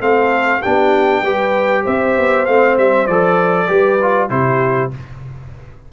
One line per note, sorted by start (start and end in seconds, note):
0.00 0.61 A3
0.00 0.61 C4
0.00 0.61 A4
0.00 0.62 F5
0.61 1.22 B3
0.61 1.24 D4
0.61 1.22 G4
0.61 1.84 G5
1.22 1.83 G3
1.22 2.47 G4
1.22 1.83 B4
1.83 2.17 C4
1.83 3.67 C5
1.83 2.46 E5
2.17 2.47 B3
2.46 2.77 A3
2.46 3.09 C4
2.46 2.76 F5
2.77 3.07 G3
2.77 3.07 E5
3.07 3.68 F3
3.07 3.68 A4
3.07 4.29 D5
3.68 4.30 G3
3.68 3.98 G4
3.68 4.30 B4
4.01 4.29 F4
4.29 4.91 C3
4.29 4.91 E4
4.29 4.92 G4
4.29 4.91 C5